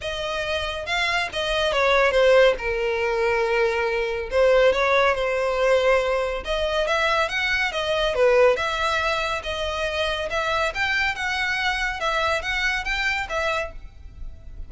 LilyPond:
\new Staff \with { instrumentName = "violin" } { \time 4/4 \tempo 4 = 140 dis''2 f''4 dis''4 | cis''4 c''4 ais'2~ | ais'2 c''4 cis''4 | c''2. dis''4 |
e''4 fis''4 dis''4 b'4 | e''2 dis''2 | e''4 g''4 fis''2 | e''4 fis''4 g''4 e''4 | }